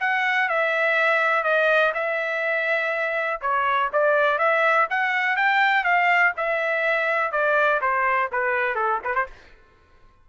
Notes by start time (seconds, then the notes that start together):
0.00 F#5
0.49 E5
1.44 D#5
1.94 E5
3.41 C#5
3.93 D5
4.38 E5
4.90 F#5
5.37 G5
5.84 F5
6.37 E5
7.31 D5
7.81 C5
8.32 B4
8.75 A4
9.04 B4
9.15 C5